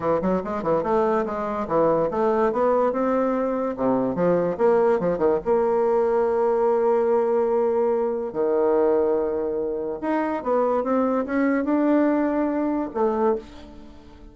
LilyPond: \new Staff \with { instrumentName = "bassoon" } { \time 4/4 \tempo 4 = 144 e8 fis8 gis8 e8 a4 gis4 | e4 a4 b4 c'4~ | c'4 c4 f4 ais4 | f8 dis8 ais2.~ |
ais1 | dis1 | dis'4 b4 c'4 cis'4 | d'2. a4 | }